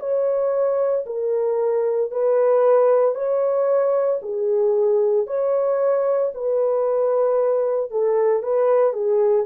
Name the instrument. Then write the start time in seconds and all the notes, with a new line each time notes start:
horn
0.00 C#5
1.06 A#4
2.11 B4
3.15 C#5
4.22 G#4
5.27 C#5
6.34 B4
7.91 A4
8.43 B4
8.93 G#4